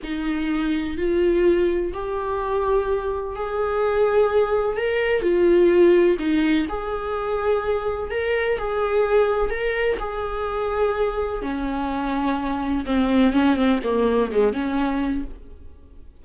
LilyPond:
\new Staff \with { instrumentName = "viola" } { \time 4/4 \tempo 4 = 126 dis'2 f'2 | g'2. gis'4~ | gis'2 ais'4 f'4~ | f'4 dis'4 gis'2~ |
gis'4 ais'4 gis'2 | ais'4 gis'2. | cis'2. c'4 | cis'8 c'8 ais4 gis8 cis'4. | }